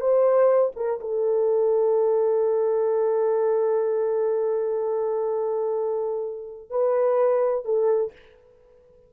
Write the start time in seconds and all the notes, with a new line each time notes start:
0.00 C5
0.76 A#4
1.00 A4
6.69 B4
7.65 A4